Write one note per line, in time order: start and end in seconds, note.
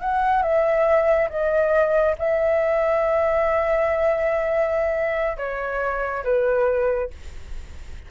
0.00 0.42 F#5
0.42 1.29 E5
1.29 2.15 D#5
2.18 5.37 E5
5.37 6.23 C#5
6.24 7.10 B4